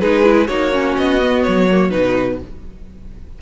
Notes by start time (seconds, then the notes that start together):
0.00 G#3 D#4 G#4 B4
0.24 E4
0.47 A#3 D#4 F#4 C#5
0.73 C#4
0.98 B3 D#5
1.22 B3
1.43 F#3 C#5
1.72 A#3
1.91 B2 D#4 B4